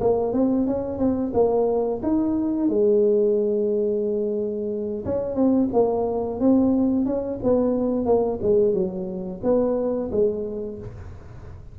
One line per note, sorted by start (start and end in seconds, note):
0.00 0.32 A#3
0.32 0.66 C4
0.66 0.98 C#4
0.98 1.32 C4
1.33 2.01 A#3
2.03 2.68 D#4
2.68 5.04 G#3
5.05 5.35 C#4
5.35 5.69 C4
5.73 6.40 A#3
6.40 7.05 C4
7.05 7.39 C#4
7.43 8.05 B3
8.05 8.39 A#3
8.41 8.73 G#3
8.73 9.41 F#3
9.43 10.10 B3
10.11 10.78 G#3